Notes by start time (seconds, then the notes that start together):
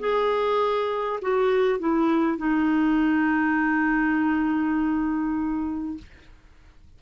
0.00 G#4
1.22 F#4
1.79 E4
2.38 D#4